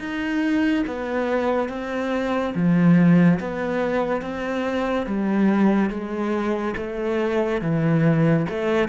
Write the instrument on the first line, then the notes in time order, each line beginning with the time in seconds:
cello
0.00 D#4
0.88 B3
1.69 C4
2.55 F3
3.40 B3
4.22 C4
5.07 G3
5.90 G#3
6.77 A3
7.62 E3
8.50 A3